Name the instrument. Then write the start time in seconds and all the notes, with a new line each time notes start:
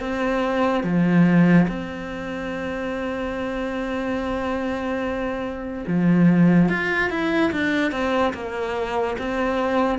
cello
0.00 C4
0.83 F3
1.67 C4
5.87 F3
6.69 F4
7.10 E4
7.52 D4
7.91 C4
8.33 A#3
9.18 C4